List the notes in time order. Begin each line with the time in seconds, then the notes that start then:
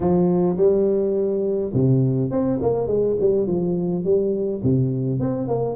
0.00 F3
0.56 G3
1.73 C3
2.31 C4
2.61 A#3
2.87 G#3
3.20 G3
3.46 F3
4.04 G3
4.63 C3
5.19 C4
5.48 A#3